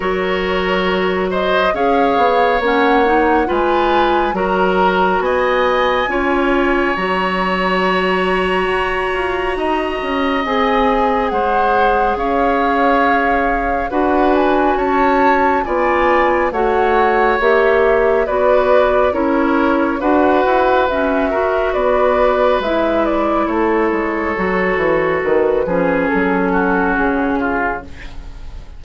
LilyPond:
<<
  \new Staff \with { instrumentName = "flute" } { \time 4/4 \tempo 4 = 69 cis''4. dis''8 f''4 fis''4 | gis''4 ais''4 gis''2 | ais''1 | gis''4 fis''4 f''2 |
fis''8 gis''8 a''4 gis''4 fis''4 | e''4 d''4 cis''4 fis''4 | e''4 d''4 e''8 d''8 cis''4~ | cis''4 b'4 a'4 gis'4 | }
  \new Staff \with { instrumentName = "oboe" } { \time 4/4 ais'4. c''8 cis''2 | b'4 ais'4 dis''4 cis''4~ | cis''2. dis''4~ | dis''4 c''4 cis''2 |
b'4 cis''4 d''4 cis''4~ | cis''4 b'4 ais'4 b'4~ | b'8 ais'8 b'2 a'4~ | a'4. gis'4 fis'4 f'8 | }
  \new Staff \with { instrumentName = "clarinet" } { \time 4/4 fis'2 gis'4 cis'8 dis'8 | f'4 fis'2 f'4 | fis'1 | gis'1 |
fis'2 f'4 fis'4 | g'4 fis'4 e'4 fis'4 | cis'8 fis'4. e'2 | fis'4. cis'2~ cis'8 | }
  \new Staff \with { instrumentName = "bassoon" } { \time 4/4 fis2 cis'8 b8 ais4 | gis4 fis4 b4 cis'4 | fis2 fis'8 f'8 dis'8 cis'8 | c'4 gis4 cis'2 |
d'4 cis'4 b4 a4 | ais4 b4 cis'4 d'8 e'8 | fis'4 b4 gis4 a8 gis8 | fis8 e8 dis8 f8 fis4 cis4 | }
>>